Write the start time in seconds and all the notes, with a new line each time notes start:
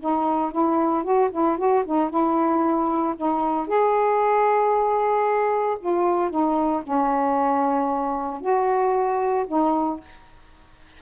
0.00 D#4
0.52 E4
1.04 F#4
1.32 E4
1.58 F#4
1.86 D#4
2.10 E4
3.17 D#4
3.68 G#4
5.80 F4
6.30 D#4
6.83 C#4
8.41 F#4
9.48 D#4